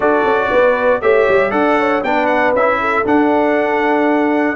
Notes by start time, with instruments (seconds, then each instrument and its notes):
0.00 tuba D4, trombone F#4, horn A4, trumpet D5
0.24 tuba C#4
0.50 tuba B3, horn B4
1.01 tuba A3, trombone G4, horn C#5, trumpet E5
1.28 tuba G3
1.51 tuba D4, trombone A4, horn D5, trumpet F#5
1.78 horn C#5
2.03 tuba B3, trombone D4, horn B4, trumpet G5
2.26 trumpet F#5
2.53 tuba C#4, trombone E4, trumpet E5
2.80 horn A4
3.04 trombone D4, tuba D4, trumpet F#5